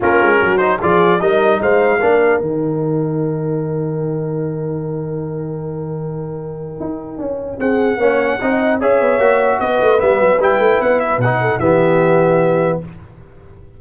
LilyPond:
<<
  \new Staff \with { instrumentName = "trumpet" } { \time 4/4 \tempo 4 = 150 ais'4. c''8 d''4 dis''4 | f''2 g''2~ | g''1~ | g''1~ |
g''2. fis''4~ | fis''2 e''2 | dis''4 e''4 g''4 fis''8 e''8 | fis''4 e''2. | }
  \new Staff \with { instrumentName = "horn" } { \time 4/4 f'4 fis'4 gis'4 ais'4 | c''4 ais'2.~ | ais'1~ | ais'1~ |
ais'2. gis'4 | cis''4 dis''4 cis''2 | b'1~ | b'8 a'8 g'2. | }
  \new Staff \with { instrumentName = "trombone" } { \time 4/4 cis'4. dis'8 f'4 dis'4~ | dis'4 d'4 dis'2~ | dis'1~ | dis'1~ |
dis'1 | cis'4 dis'4 gis'4 fis'4~ | fis'4 b4 e'2 | dis'4 b2. | }
  \new Staff \with { instrumentName = "tuba" } { \time 4/4 ais8 gis8 fis4 f4 g4 | gis4 ais4 dis2~ | dis1~ | dis1~ |
dis4 dis'4 cis'4 c'4 | ais4 c'4 cis'8 b8 ais4 | b8 a8 g8 fis8 g8 a8 b4 | b,4 e2. | }
>>